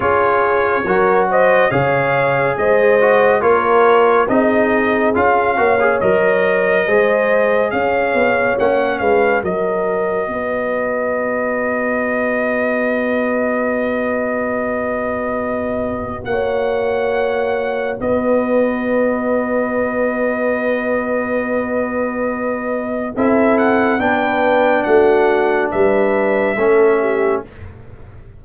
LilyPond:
<<
  \new Staff \with { instrumentName = "trumpet" } { \time 4/4 \tempo 4 = 70 cis''4. dis''8 f''4 dis''4 | cis''4 dis''4 f''4 dis''4~ | dis''4 f''4 fis''8 f''8 dis''4~ | dis''1~ |
dis''2. fis''4~ | fis''4 dis''2.~ | dis''2. e''8 fis''8 | g''4 fis''4 e''2 | }
  \new Staff \with { instrumentName = "horn" } { \time 4/4 gis'4 ais'8 c''8 cis''4 c''4 | ais'4 gis'4. cis''4. | c''4 cis''4. b'8 ais'4 | b'1~ |
b'2. cis''4~ | cis''4 b'2.~ | b'2. a'4 | b'4 fis'4 b'4 a'8 g'8 | }
  \new Staff \with { instrumentName = "trombone" } { \time 4/4 f'4 fis'4 gis'4. fis'8 | f'4 dis'4 f'8 fis'16 gis'16 ais'4 | gis'2 cis'4 fis'4~ | fis'1~ |
fis'1~ | fis'1~ | fis'2. e'4 | d'2. cis'4 | }
  \new Staff \with { instrumentName = "tuba" } { \time 4/4 cis'4 fis4 cis4 gis4 | ais4 c'4 cis'8 ais8 fis4 | gis4 cis'8 b8 ais8 gis8 fis4 | b1~ |
b2. ais4~ | ais4 b2.~ | b2. c'4 | b4 a4 g4 a4 | }
>>